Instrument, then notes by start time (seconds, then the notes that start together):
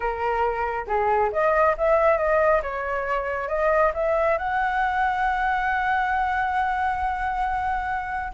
flute
0.00 A#4
0.87 G#4
1.32 D#5
1.77 E5
2.17 D#5
2.62 C#5
3.48 D#5
3.94 E5
4.38 F#5